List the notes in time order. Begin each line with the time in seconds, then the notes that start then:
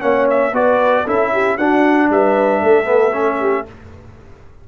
0.00 A#3 C#4 C#5 F#5
0.30 E5
0.53 B3 F#4 B4 D5
1.06 C#4 E4 A4 E5
1.33 G4
1.58 D4 F#4 F#5
2.10 G3 B4 E5
2.62 A3 A4
2.85 B3
3.14 C#4
3.40 G4